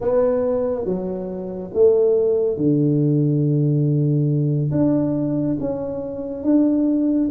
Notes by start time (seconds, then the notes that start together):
0.00 B3
0.84 F#3
1.73 A3
2.56 D3
4.71 D4
5.59 C#4
6.43 D4